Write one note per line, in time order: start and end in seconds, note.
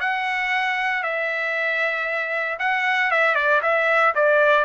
0.00 1.03 F#5
1.03 2.58 E5
2.59 3.11 F#5
3.11 3.35 E5
3.35 3.61 D5
3.62 4.14 E5
4.15 4.64 D5